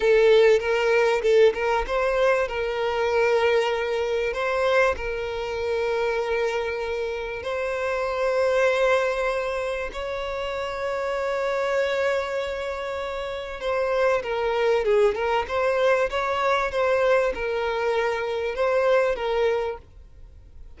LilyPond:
\new Staff \with { instrumentName = "violin" } { \time 4/4 \tempo 4 = 97 a'4 ais'4 a'8 ais'8 c''4 | ais'2. c''4 | ais'1 | c''1 |
cis''1~ | cis''2 c''4 ais'4 | gis'8 ais'8 c''4 cis''4 c''4 | ais'2 c''4 ais'4 | }